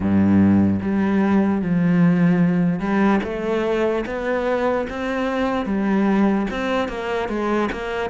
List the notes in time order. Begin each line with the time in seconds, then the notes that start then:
0.00 G2
0.81 G3
1.61 F3
2.79 G3
3.23 A3
4.05 B3
4.89 C4
5.65 G3
6.50 C4
6.88 A#3
7.28 G#3
7.71 A#3